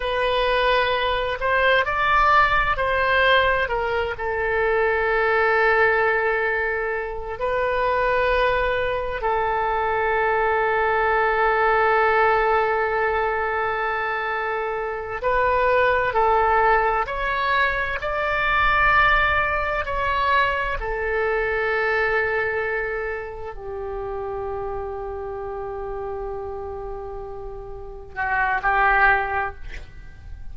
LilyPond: \new Staff \with { instrumentName = "oboe" } { \time 4/4 \tempo 4 = 65 b'4. c''8 d''4 c''4 | ais'8 a'2.~ a'8 | b'2 a'2~ | a'1~ |
a'8 b'4 a'4 cis''4 d''8~ | d''4. cis''4 a'4.~ | a'4. g'2~ g'8~ | g'2~ g'8 fis'8 g'4 | }